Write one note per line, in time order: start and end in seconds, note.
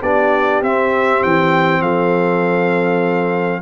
0.00 0.61 B3
0.00 0.64 D4
0.00 1.80 G4
0.00 0.62 D5
0.61 1.21 C4
0.61 3.62 C4
0.61 1.23 E5
1.23 1.81 E3
1.23 1.82 G5
1.81 3.61 F3
1.81 3.61 A4
1.81 3.62 F5